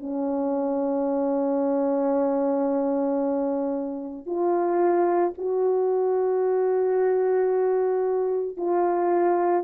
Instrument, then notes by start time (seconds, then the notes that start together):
horn
0.00 C#4
4.26 F4
5.38 F#4
8.57 F4